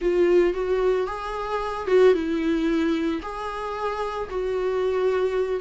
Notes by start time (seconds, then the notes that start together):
0.01 F4
0.53 F#4
1.06 G#4
1.87 F#4
2.13 E4
3.21 G#4
4.29 F#4